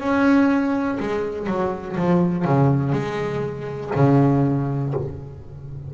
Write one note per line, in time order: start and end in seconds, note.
0.00 0.98 C#4
1.00 1.47 G#3
1.47 1.96 F#3
1.96 2.45 F3
2.45 2.92 C#3
2.92 3.91 G#3
3.96 4.94 C#3